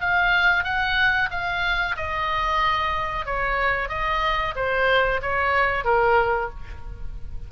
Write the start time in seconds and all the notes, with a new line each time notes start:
0.00 F5
0.64 F#5
1.30 F5
1.96 D#5
3.25 C#5
3.89 D#5
4.55 C5
5.21 C#5
5.84 A#4